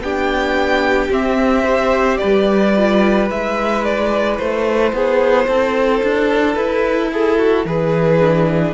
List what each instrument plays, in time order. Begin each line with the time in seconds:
0.00 cello B3, viola D4, violin G4 G5
1.10 cello C4, viola C4, violin E5
1.63 viola G4, violin C5
2.17 violin B4 D5
2.24 cello G3
2.76 viola F4
3.29 cello G#3, viola E4, violin E5
3.84 violin D5
4.38 cello A3, violin C5
4.92 cello B3, violin G#4
5.48 cello C4, violin A4
6.03 cello D4
6.54 cello E4, violin B4
7.12 violin G#4 A4
7.38 violin F#4
7.65 cello E3, violin G#4 B4
8.20 viola D4